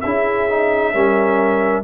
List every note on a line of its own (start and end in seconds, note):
0.00 0.94 C#4
0.00 0.49 E4
0.00 0.93 G#4
0.00 1.82 E5
0.49 0.93 D#4
0.93 1.83 G3
0.93 1.83 C#4
0.93 1.83 A#4